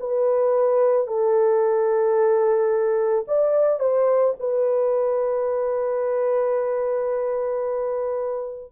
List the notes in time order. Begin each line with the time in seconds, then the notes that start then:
0.00 B4
1.07 A4
3.28 D5
3.80 C5
4.40 B4